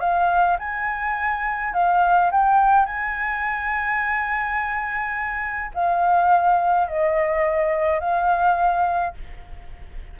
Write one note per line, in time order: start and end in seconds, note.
0.00 0.57 F5
0.59 1.74 G#5
1.74 2.31 F5
2.32 2.86 G5
2.86 5.72 G#5
5.74 6.88 F5
6.88 8.00 D#5
8.00 9.14 F5